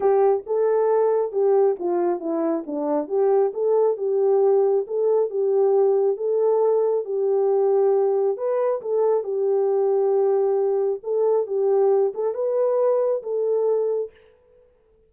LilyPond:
\new Staff \with { instrumentName = "horn" } { \time 4/4 \tempo 4 = 136 g'4 a'2 g'4 | f'4 e'4 d'4 g'4 | a'4 g'2 a'4 | g'2 a'2 |
g'2. b'4 | a'4 g'2.~ | g'4 a'4 g'4. a'8 | b'2 a'2 | }